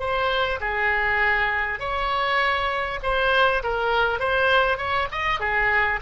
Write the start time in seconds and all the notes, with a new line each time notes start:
0.00 C5
0.61 G#4
1.80 C#5
3.03 C5
3.64 A#4
4.20 C5
4.78 C#5
5.12 D#5
5.41 G#4